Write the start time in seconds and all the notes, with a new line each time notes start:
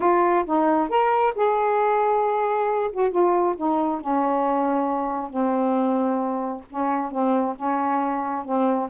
0.00 F4
0.45 D#4
0.89 A#4
1.35 G#4
2.92 F#4
3.11 F4
3.56 D#4
4.01 C#4
5.29 C4
6.70 C#4
7.11 C4
7.56 C#4
8.44 C4